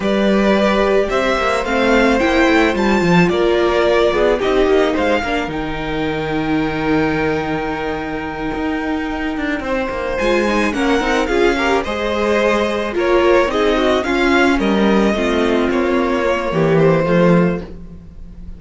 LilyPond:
<<
  \new Staff \with { instrumentName = "violin" } { \time 4/4 \tempo 4 = 109 d''2 e''4 f''4 | g''4 a''4 d''2 | dis''4 f''4 g''2~ | g''1~ |
g''2~ g''8 gis''4 fis''8~ | fis''8 f''4 dis''2 cis''8~ | cis''8 dis''4 f''4 dis''4.~ | dis''8 cis''2 c''4. | }
  \new Staff \with { instrumentName = "violin" } { \time 4/4 b'2 c''2~ | c''2 ais'4. gis'8 | g'4 c''8 ais'2~ ais'8~ | ais'1~ |
ais'4. c''2 ais'8~ | ais'8 gis'8 ais'8 c''2 ais'8~ | ais'8 gis'8 fis'8 f'4 ais'4 f'8~ | f'2 g'4 f'4 | }
  \new Staff \with { instrumentName = "viola" } { \time 4/4 g'2. c'4 | e'4 f'2. | dis'4. d'8 dis'2~ | dis'1~ |
dis'2~ dis'8 f'8 dis'8 cis'8 | dis'8 f'8 g'8 gis'2 f'8~ | f'8 dis'4 cis'2 c'8~ | c'4. ais4. a4 | }
  \new Staff \with { instrumentName = "cello" } { \time 4/4 g2 c'8 ais8 a4 | ais8 a8 g8 f8 ais4. b8 | c'8 ais8 gis8 ais8 dis2~ | dis2.~ dis8 dis'8~ |
dis'4 d'8 c'8 ais8 gis4 ais8 | c'8 cis'4 gis2 ais8~ | ais8 c'4 cis'4 g4 a8~ | a8 ais4. e4 f4 | }
>>